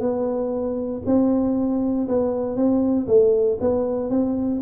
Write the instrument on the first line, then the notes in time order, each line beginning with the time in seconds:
tuba
0.00 B3
1.06 C4
2.08 B3
2.56 C4
3.07 A3
3.60 B3
4.10 C4